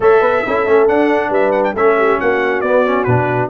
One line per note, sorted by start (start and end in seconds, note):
0.00 0.21 A3
0.00 0.44 A4
0.00 0.21 C#5
0.00 0.88 E5
0.21 0.43 B3
0.21 0.43 B4
0.46 0.66 C#4
0.46 0.66 E4
0.46 1.29 A4
0.66 0.88 A3
0.66 0.88 C#4
0.88 1.75 D4
0.88 1.29 D4
0.88 1.32 F#5
1.29 1.73 G3
1.29 1.73 B4
1.29 1.51 E5
1.51 1.62 F#5
1.64 1.75 G5
1.74 2.18 A3
1.74 2.64 C#4
1.74 1.96 A4
1.74 2.20 E5
1.97 2.19 G4
2.19 2.61 A#3
2.19 3.49 F#4
2.19 2.60 F#5
2.60 3.05 B3
2.60 2.85 B3
2.60 3.04 D5
2.85 3.07 C#4
3.04 3.49 B2
3.04 3.49 D4
3.04 3.48 B4